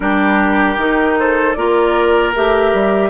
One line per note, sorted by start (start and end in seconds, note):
0.00 0.77 G3
0.00 0.78 D4
0.00 1.19 G4
0.00 1.15 A#4
0.77 1.55 D#3
0.77 1.56 D#4
1.19 1.57 A4
1.19 1.53 C5
1.53 2.34 A#3
1.53 2.34 F4
1.53 3.09 A#4
1.53 2.31 D5
2.35 2.73 A3
2.35 3.09 G4
2.35 3.09 E5
2.73 3.09 G3